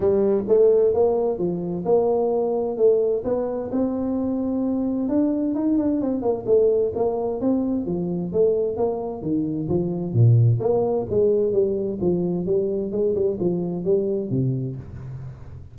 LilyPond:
\new Staff \with { instrumentName = "tuba" } { \time 4/4 \tempo 4 = 130 g4 a4 ais4 f4 | ais2 a4 b4 | c'2. d'4 | dis'8 d'8 c'8 ais8 a4 ais4 |
c'4 f4 a4 ais4 | dis4 f4 ais,4 ais4 | gis4 g4 f4 g4 | gis8 g8 f4 g4 c4 | }